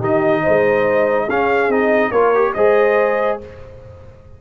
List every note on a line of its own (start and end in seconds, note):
0.00 0.42 D#3
0.00 1.29 D#4
0.00 0.42 G4
0.00 1.30 D#5
0.44 1.29 G#3
0.44 1.26 C5
1.26 1.68 C#4
1.26 1.71 C#4
1.26 2.11 G#4
1.26 1.72 F5
1.68 2.11 C4
1.68 2.13 D#4
1.68 2.12 D#5
2.12 2.54 A#3
2.12 2.35 F4
2.12 2.54 A#4
2.12 2.54 C#5
2.35 2.56 G4
2.54 3.41 G#3
2.54 3.42 G#4
2.54 3.41 C5
2.54 3.39 D#5